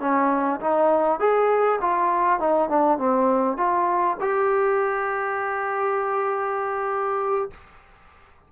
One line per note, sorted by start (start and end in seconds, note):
0.00 0.60 C#4
0.60 1.19 D#4
1.19 1.79 G#4
1.81 2.40 F4
2.40 2.69 D#4
2.69 2.98 D4
2.98 3.57 C4
3.57 4.17 F4
4.20 7.50 G4